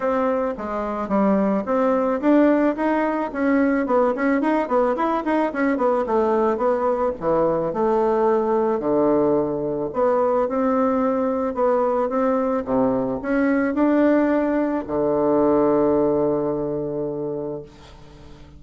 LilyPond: \new Staff \with { instrumentName = "bassoon" } { \time 4/4 \tempo 4 = 109 c'4 gis4 g4 c'4 | d'4 dis'4 cis'4 b8 cis'8 | dis'8 b8 e'8 dis'8 cis'8 b8 a4 | b4 e4 a2 |
d2 b4 c'4~ | c'4 b4 c'4 c4 | cis'4 d'2 d4~ | d1 | }